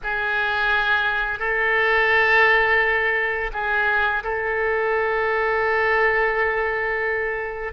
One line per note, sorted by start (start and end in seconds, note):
0.03 1.39 G#4
1.39 3.51 A4
3.52 4.23 G#4
4.23 7.73 A4